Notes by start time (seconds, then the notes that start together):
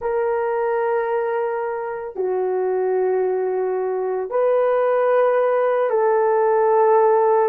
0.01 A#4
2.15 F#4
4.30 B4
5.89 A4